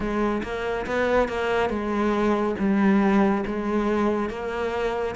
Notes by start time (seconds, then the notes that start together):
0.00 G#3
0.43 A#3
0.86 B3
1.28 A#3
1.69 G#3
2.58 G3
3.46 G#3
4.29 A#3